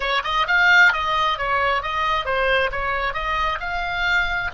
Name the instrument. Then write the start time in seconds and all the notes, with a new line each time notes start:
oboe
0.00 C#5
0.24 D#5
0.47 F5
0.92 D#5
1.38 C#5
1.82 D#5
2.25 C5
2.71 C#5
3.13 D#5
3.60 F5